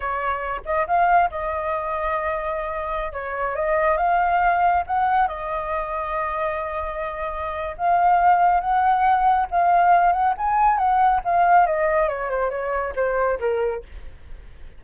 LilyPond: \new Staff \with { instrumentName = "flute" } { \time 4/4 \tempo 4 = 139 cis''4. dis''8 f''4 dis''4~ | dis''2.~ dis''16 cis''8.~ | cis''16 dis''4 f''2 fis''8.~ | fis''16 dis''2.~ dis''8.~ |
dis''2 f''2 | fis''2 f''4. fis''8 | gis''4 fis''4 f''4 dis''4 | cis''8 c''8 cis''4 c''4 ais'4 | }